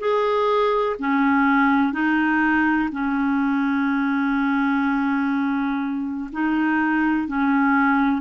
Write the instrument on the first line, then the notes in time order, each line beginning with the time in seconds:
clarinet
0.00 G#4
0.99 C#4
1.93 D#4
2.92 C#4
6.33 D#4
7.28 C#4